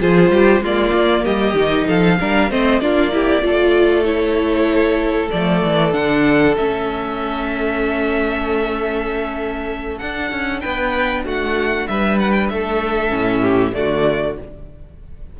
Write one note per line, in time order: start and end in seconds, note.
0.00 0.30 F3
0.00 0.62 F4
0.00 0.32 G#4
0.00 0.64 C5
0.30 0.61 G3
0.30 0.63 G4
0.61 0.92 G#3
0.61 1.55 A#3
0.61 1.24 F4
0.61 1.25 D5
0.93 1.24 A#3
1.24 1.54 G3
1.24 1.87 G4
1.24 1.88 D#5
1.54 1.85 D#3
1.54 2.18 D#4
1.87 2.20 F3
1.87 2.18 A4
1.87 2.51 F5
2.20 2.51 G3
2.20 2.50 D4
2.20 2.50 A#4
2.50 2.81 A3
2.50 2.81 C4
2.50 2.81 C5
2.50 2.81 D#5
2.81 3.42 A#3
2.81 3.11 D4
2.81 3.13 F4
2.81 4.04 D5
3.11 3.42 E4
3.11 3.44 G4
3.42 5.29 A3
3.42 4.05 F4
3.42 10.62 A4
4.04 5.30 E4
4.04 5.29 C#5
5.31 5.64 F3
5.31 5.93 A3
5.31 5.93 D5
5.64 5.94 E3
5.93 6.56 D3
5.93 6.55 D4
5.93 6.55 F#5
6.57 10.00 A3
6.57 10.00 C#4
6.57 9.98 E5
9.98 13.09 D4
9.98 10.31 D4
9.98 10.60 F#5
10.31 10.62 C#4
10.60 11.25 B3
10.60 11.25 B4
10.60 11.23 G5
11.25 11.88 A3
11.25 11.87 F#4
11.25 11.87 F#5
11.87 12.50 G3
11.87 12.52 B4
11.87 12.19 E5
12.19 12.32 F#5
12.32 12.47 G5
12.49 13.11 A3
12.49 13.41 A4
12.49 13.74 E5
13.09 13.73 A2
13.09 13.71 C#4
13.41 13.72 G4
13.73 14.38 D3
13.73 14.36 A3
13.73 14.40 F#4
13.73 14.36 D5